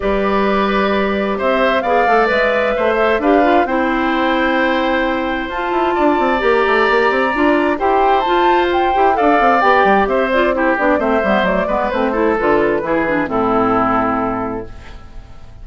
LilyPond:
<<
  \new Staff \with { instrumentName = "flute" } { \time 4/4 \tempo 4 = 131 d''2. e''4 | f''4 e''2 f''4 | g''1 | a''2 ais''2~ |
ais''4 g''4 a''4 g''4 | f''4 g''4 e''8 d''8 c''8 d''8 | e''4 d''4 c''4 b'4~ | b'4 a'2. | }
  \new Staff \with { instrumentName = "oboe" } { \time 4/4 b'2. c''4 | d''2 c''4 b'4 | c''1~ | c''4 d''2.~ |
d''4 c''2. | d''2 c''4 g'4 | c''4. b'4 a'4. | gis'4 e'2. | }
  \new Staff \with { instrumentName = "clarinet" } { \time 4/4 g'1 | gis'8 a'8 b'4. a'8 g'8 f'8 | e'1 | f'2 g'2 |
f'4 g'4 f'4. g'8 | a'4 g'4. f'8 e'8 d'8 | c'8 b8 a8 b8 c'8 e'8 f'4 | e'8 d'8 c'2. | }
  \new Staff \with { instrumentName = "bassoon" } { \time 4/4 g2. c'4 | b8 a8 gis4 a4 d'4 | c'1 | f'8 e'8 d'8 c'8 ais8 a8 ais8 c'8 |
d'4 e'4 f'4. e'8 | d'8 c'8 b8 g8 c'4. b8 | a8 g8 fis8 gis8 a4 d4 | e4 a,2. | }
>>